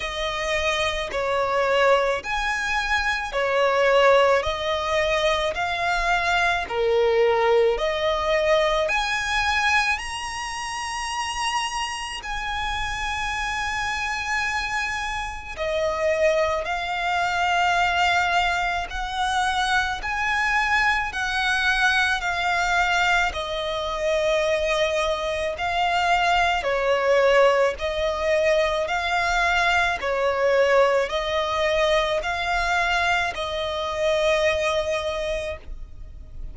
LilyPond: \new Staff \with { instrumentName = "violin" } { \time 4/4 \tempo 4 = 54 dis''4 cis''4 gis''4 cis''4 | dis''4 f''4 ais'4 dis''4 | gis''4 ais''2 gis''4~ | gis''2 dis''4 f''4~ |
f''4 fis''4 gis''4 fis''4 | f''4 dis''2 f''4 | cis''4 dis''4 f''4 cis''4 | dis''4 f''4 dis''2 | }